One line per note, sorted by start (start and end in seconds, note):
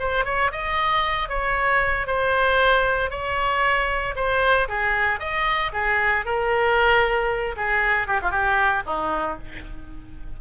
0.00 0.25 C5
0.25 0.51 C#5
0.52 1.29 D#5
1.29 2.07 C#5
2.07 3.11 C5
3.11 4.15 C#5
4.16 4.68 C5
4.69 5.20 G#4
5.20 5.72 D#5
5.73 6.25 G#4
6.26 7.56 A#4
7.57 8.08 G#4
8.08 8.21 G4
8.22 8.31 F4
8.31 8.83 G4
8.86 9.38 D#4